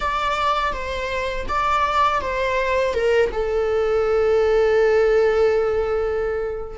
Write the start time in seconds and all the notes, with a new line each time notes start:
0.00 D5
0.73 C5
1.48 D5
2.21 C5
2.93 A#4
3.32 A4